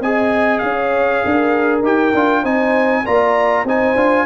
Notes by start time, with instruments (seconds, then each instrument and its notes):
0.00 tuba C4, trombone G#4, horn D#5, trumpet G#5
0.59 tuba C#4, trumpet F5
0.65 horn C#5
1.25 tuba D4, horn A#4
1.82 tuba D#4, trombone G4, trumpet G5
2.14 tuba D4, trombone F4
2.42 tuba C4, trombone D#4, horn C5, trumpet G#5
3.05 tuba A#3, trombone F4, horn D5, trumpet A#5
3.64 tuba C4, trombone D#4, horn C5, trumpet G#5
3.95 tuba D4, trombone F4